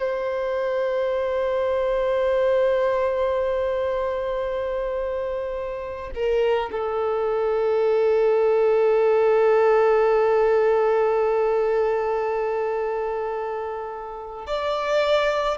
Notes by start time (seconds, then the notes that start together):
0.00 C5
6.15 A#4
6.72 A4
14.47 D5